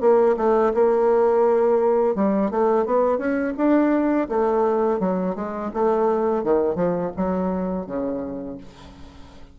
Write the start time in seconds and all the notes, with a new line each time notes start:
0.00 A#3
0.37 A3
0.74 A#3
2.15 G3
2.51 A3
2.85 B3
3.18 C#4
3.57 D4
4.29 A3
4.99 F#3
5.35 G#3
5.73 A3
6.43 D#3
6.75 F3
7.16 F#3
7.86 C#3